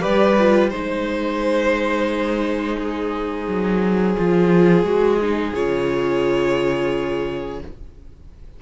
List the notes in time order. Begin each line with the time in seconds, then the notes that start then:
0.00 G4 B4 D5
0.06 G3
0.40 F4
0.70 G#3 D#4 C5
2.78 G#4
3.48 F#3
4.18 F3 F4
4.84 G#3 F#4
5.22 D#4
5.55 C#3 F4 C#5